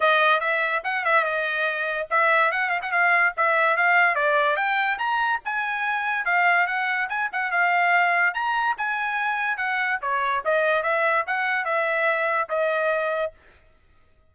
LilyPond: \new Staff \with { instrumentName = "trumpet" } { \time 4/4 \tempo 4 = 144 dis''4 e''4 fis''8 e''8 dis''4~ | dis''4 e''4 fis''8 f''16 fis''16 f''4 | e''4 f''4 d''4 g''4 | ais''4 gis''2 f''4 |
fis''4 gis''8 fis''8 f''2 | ais''4 gis''2 fis''4 | cis''4 dis''4 e''4 fis''4 | e''2 dis''2 | }